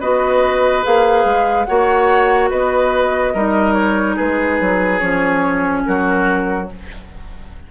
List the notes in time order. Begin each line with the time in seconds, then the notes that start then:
0.00 B3 F#4 B4 D#5
0.82 A#3 G#4 F5
1.24 G#3
1.65 A#3 F#4 C#5 F#5
2.49 B3 B4 D#5
3.34 G3 D#4 A#4
3.73 C#5
4.15 G#3 G#4 B4
4.60 F#3
4.99 F3 C#4 C#5
5.85 F#3 F#4 A#4